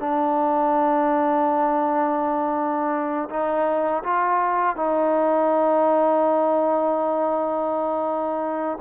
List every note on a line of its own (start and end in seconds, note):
0.00 3.29 D4
3.30 4.03 D#4
4.03 4.77 F4
4.77 8.79 D#4